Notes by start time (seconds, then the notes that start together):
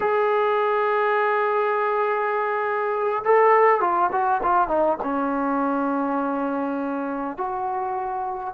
0.00 G#4
3.24 A4
3.80 F4
4.11 F#4
4.42 F4
4.68 D#4
5.02 C#4
7.37 F#4